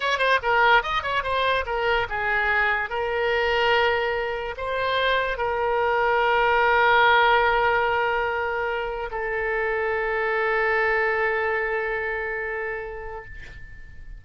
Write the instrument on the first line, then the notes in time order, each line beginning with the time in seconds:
oboe
0.00 C#5
0.18 C5
0.42 A#4
0.83 D#5
1.03 C#5
1.23 C5
1.66 A#4
2.09 G#4
2.89 A#4
4.57 C5
5.37 A#4
9.11 A4